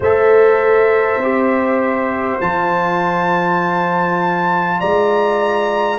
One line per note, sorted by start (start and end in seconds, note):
0.00 1.17 A3
0.00 1.23 A4
0.00 4.77 C5
0.00 2.41 E5
1.17 2.37 C4
1.17 2.41 G4
2.40 4.80 F3
2.40 5.99 F4
2.40 4.80 A5
4.79 5.99 G#3
4.79 5.99 D5
4.79 5.99 A#5